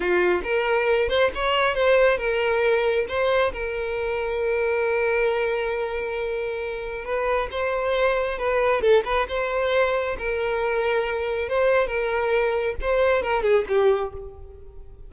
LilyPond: \new Staff \with { instrumentName = "violin" } { \time 4/4 \tempo 4 = 136 f'4 ais'4. c''8 cis''4 | c''4 ais'2 c''4 | ais'1~ | ais'1 |
b'4 c''2 b'4 | a'8 b'8 c''2 ais'4~ | ais'2 c''4 ais'4~ | ais'4 c''4 ais'8 gis'8 g'4 | }